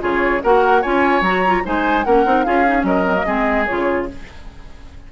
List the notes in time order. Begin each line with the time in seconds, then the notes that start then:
0.00 C#3 F4 G#4 C#5
0.43 A#3 F#4 A#4 F#5
0.82 C#4 F4 C#5 G#5
1.21 F#3 F#4 A#5
1.46 F4
1.64 G#3 D#4 C5 G#5
2.04 A#3 C#4 A#4 F#5
2.26 C4 D#4
2.43 C#4 F4 G#4 F5
2.67 D#4
2.77 F#3 C#4
2.85 A#4 D#5
3.05 C4
3.16 A#3
3.26 G#3 C4 G#4
3.65 F4 C#5
3.71 C#3